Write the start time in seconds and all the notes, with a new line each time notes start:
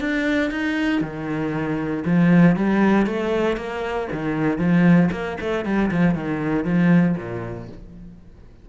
0.00 D4
0.51 D#4
1.01 D#3
2.05 F3
2.56 G3
3.06 A3
3.56 A#3
4.12 D#3
4.58 F3
5.11 A#3
5.40 A3
5.65 G3
5.91 F3
6.15 D#3
6.65 F3
7.17 A#2